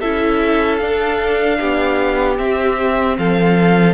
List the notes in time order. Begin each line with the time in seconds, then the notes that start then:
0.00 C#4 E4 A4 E5
0.77 D4 F5
1.60 B3 G4
2.37 C4 E5
3.18 F3 A4 F5